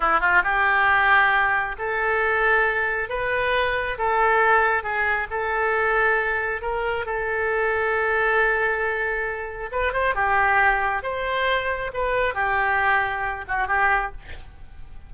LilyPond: \new Staff \with { instrumentName = "oboe" } { \time 4/4 \tempo 4 = 136 e'8 f'8 g'2. | a'2. b'4~ | b'4 a'2 gis'4 | a'2. ais'4 |
a'1~ | a'2 b'8 c''8 g'4~ | g'4 c''2 b'4 | g'2~ g'8 fis'8 g'4 | }